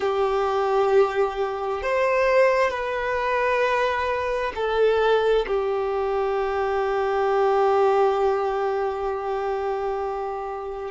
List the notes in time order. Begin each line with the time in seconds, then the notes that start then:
0.00 G4
1.82 C5
2.70 B4
4.55 A4
5.47 G4